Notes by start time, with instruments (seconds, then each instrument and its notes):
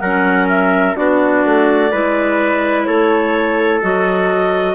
0.00 bassoon F#3, clarinet C#4 F#5, trumpet A#4
0.49 clarinet E5
0.95 bassoon B3, clarinet D4 D5, trumpet F#4
1.45 bassoon A3
1.91 bassoon G#3, clarinet E4, trumpet B4
2.84 bassoon A3, trumpet A4, clarinet C#5
3.82 bassoon F#3, clarinet F#4 D#5